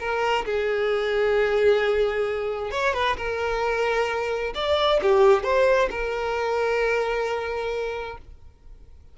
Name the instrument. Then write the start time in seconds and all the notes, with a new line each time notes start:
violin
0.00 A#4
0.46 G#4
2.71 C#5
2.94 B4
3.17 A#4
4.55 D5
5.02 G4
5.44 C5
5.91 A#4